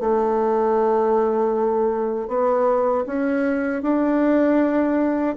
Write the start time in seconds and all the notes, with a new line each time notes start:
0.00 A3
2.28 B3
3.07 C#4
3.82 D4